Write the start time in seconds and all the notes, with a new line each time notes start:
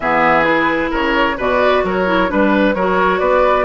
0.00 E3 B3 G#4 E5
0.43 E4 B4
0.90 C#3 A#4 C#5
1.37 B2 F#4 B4 D5
1.83 F#3 A#4 C#5
2.05 E4
2.28 G3 D4 B4
2.74 F#3 F#4 A#4 C#5
3.19 B3 B4 D5